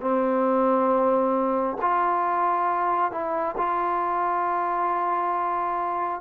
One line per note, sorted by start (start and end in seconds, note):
0.00 1.76 C4
1.81 3.11 F4
3.11 3.55 E4
3.57 6.20 F4